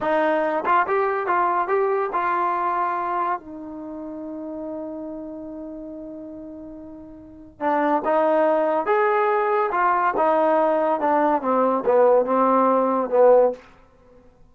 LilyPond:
\new Staff \with { instrumentName = "trombone" } { \time 4/4 \tempo 4 = 142 dis'4. f'8 g'4 f'4 | g'4 f'2. | dis'1~ | dis'1~ |
dis'2 d'4 dis'4~ | dis'4 gis'2 f'4 | dis'2 d'4 c'4 | b4 c'2 b4 | }